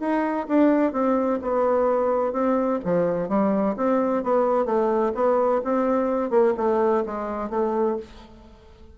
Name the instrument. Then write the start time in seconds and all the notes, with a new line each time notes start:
bassoon
0.00 D#4
0.49 D4
0.93 C4
1.42 B3
2.33 C4
2.85 F3
3.29 G3
3.77 C4
4.24 B3
4.66 A3
5.15 B3
5.64 C4
6.30 A#3
6.57 A3
7.06 G#3
7.50 A3